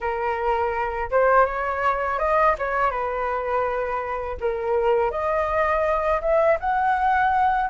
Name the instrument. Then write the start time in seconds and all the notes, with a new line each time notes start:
flute
0.00 A#4
1.10 C5
1.45 C#5
2.19 D#5
2.58 C#5
2.91 B4
4.40 A#4
5.11 D#5
6.21 E5
6.60 F#5